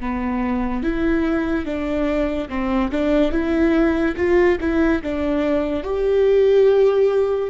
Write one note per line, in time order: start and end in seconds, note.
0.00 0.83 B3
0.83 1.65 E4
1.65 2.48 D4
2.49 2.91 C4
2.91 3.32 D4
3.32 4.15 E4
4.17 4.58 F4
4.60 5.02 E4
5.03 5.83 D4
5.83 7.50 G4